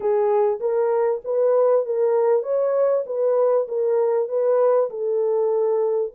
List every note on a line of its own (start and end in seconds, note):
0.00 0.59 G#4
0.60 1.21 A#4
1.24 1.85 B4
1.85 2.42 A#4
2.42 3.04 C#5
3.06 3.67 B4
3.68 4.28 A#4
4.28 4.89 B4
4.90 6.12 A4